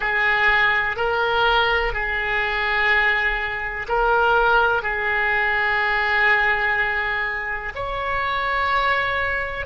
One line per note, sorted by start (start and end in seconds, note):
0.00 0.96 G#4
0.96 1.93 A#4
1.93 3.86 G#4
3.88 4.82 A#4
4.82 7.72 G#4
7.75 9.66 C#5